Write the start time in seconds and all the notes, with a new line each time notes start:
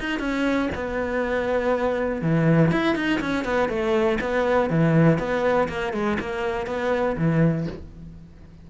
0.00 D#4
0.19 C#4
0.75 B3
2.22 E3
2.71 E4
2.96 D#4
3.21 C#4
3.45 B3
3.69 A3
4.21 B3
4.70 E3
5.19 B3
5.69 A#3
5.93 G#3
6.20 A#3
6.67 B3
7.18 E3